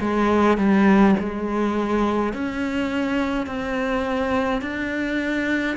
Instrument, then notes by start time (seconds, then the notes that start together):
cello
0.00 G#3
0.58 G3
1.20 G#3
2.34 C#4
3.47 C4
4.62 D4